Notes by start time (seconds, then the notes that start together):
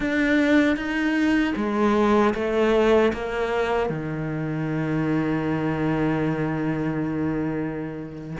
0.00 D4
0.76 D#4
1.55 G#3
2.34 A3
3.13 A#3
3.89 D#3